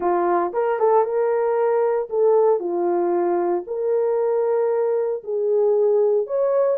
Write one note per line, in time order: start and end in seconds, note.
0.00 0.52 F4
0.53 0.79 A#4
0.79 1.04 A4
1.04 2.08 A#4
2.09 2.59 A4
2.59 3.63 F4
3.66 5.23 A#4
5.23 6.27 G#4
6.27 6.77 C#5